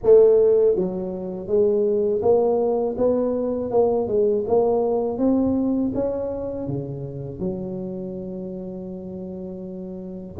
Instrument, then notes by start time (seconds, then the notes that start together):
tuba
0.03 A3
0.75 F#3
1.47 G#3
2.22 A#3
2.97 B3
3.70 A#3
4.07 G#3
4.46 A#3
5.18 C4
5.94 C#4
6.67 C#3
7.39 F#3